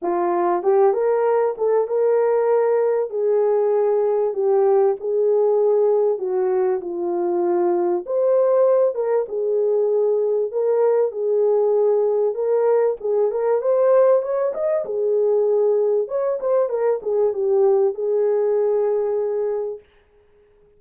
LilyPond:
\new Staff \with { instrumentName = "horn" } { \time 4/4 \tempo 4 = 97 f'4 g'8 ais'4 a'8 ais'4~ | ais'4 gis'2 g'4 | gis'2 fis'4 f'4~ | f'4 c''4. ais'8 gis'4~ |
gis'4 ais'4 gis'2 | ais'4 gis'8 ais'8 c''4 cis''8 dis''8 | gis'2 cis''8 c''8 ais'8 gis'8 | g'4 gis'2. | }